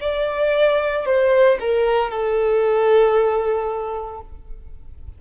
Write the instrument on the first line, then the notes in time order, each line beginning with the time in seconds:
violin
0.00 D5
1.05 C5
1.60 A#4
2.10 A4